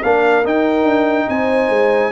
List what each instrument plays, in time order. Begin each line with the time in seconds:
0.00 tuba A#3, trombone D4, horn A#4, trumpet F5
0.44 trombone D#4, tuba D#4, trumpet G5
0.83 tuba D4
1.28 tuba C4, horn C5, trumpet G#5
1.69 tuba G#3